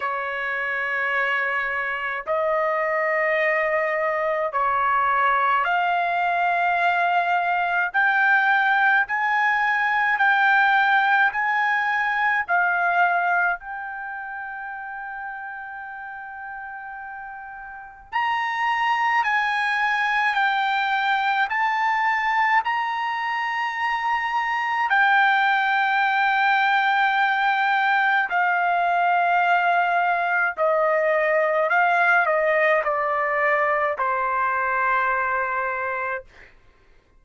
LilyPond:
\new Staff \with { instrumentName = "trumpet" } { \time 4/4 \tempo 4 = 53 cis''2 dis''2 | cis''4 f''2 g''4 | gis''4 g''4 gis''4 f''4 | g''1 |
ais''4 gis''4 g''4 a''4 | ais''2 g''2~ | g''4 f''2 dis''4 | f''8 dis''8 d''4 c''2 | }